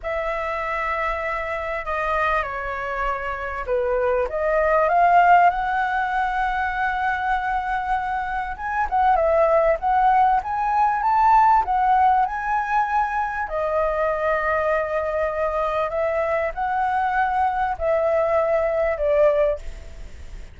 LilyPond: \new Staff \with { instrumentName = "flute" } { \time 4/4 \tempo 4 = 98 e''2. dis''4 | cis''2 b'4 dis''4 | f''4 fis''2.~ | fis''2 gis''8 fis''8 e''4 |
fis''4 gis''4 a''4 fis''4 | gis''2 dis''2~ | dis''2 e''4 fis''4~ | fis''4 e''2 d''4 | }